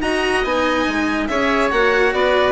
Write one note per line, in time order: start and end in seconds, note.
0.00 0.42 D#4
0.00 0.44 F#4
0.00 1.29 D#5
0.00 0.44 A#5
0.44 0.86 B3
0.44 1.28 D#4
0.44 1.27 G#5
0.88 1.29 G#3
1.27 1.71 C#4
1.27 1.71 G#4
1.27 2.14 C#5
1.27 1.70 E5
1.71 2.13 A#3
1.71 2.52 F#4
1.71 2.13 F#5
2.13 2.52 B3
2.13 2.52 B4
2.13 2.52 D5